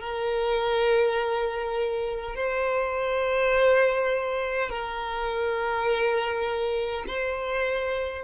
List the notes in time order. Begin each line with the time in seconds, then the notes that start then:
0.00 A#4
2.35 C5
4.69 A#4
7.07 C5